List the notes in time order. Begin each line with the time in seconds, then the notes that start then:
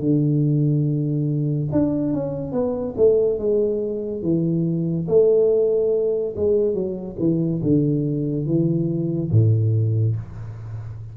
0.00 D3
1.72 D4
2.14 C#4
2.53 B3
2.97 A3
3.39 G#3
4.23 E3
5.08 A3
6.37 G#3
6.75 F#3
7.19 E3
7.63 D3
8.47 E3
9.31 A2